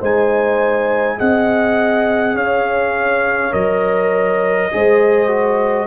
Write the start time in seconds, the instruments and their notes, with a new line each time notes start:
0.00 tuba G#3, trombone D#4, horn C5, trumpet G#5
1.18 tuba C4, trombone G#4, horn D#5, trumpet F#5
2.36 tuba C#4, horn C#5, trumpet F5
3.52 tuba F#3, trombone A#4, trumpet D#5
4.72 tuba G#3, trombone G#4, horn C5
5.29 trombone F#4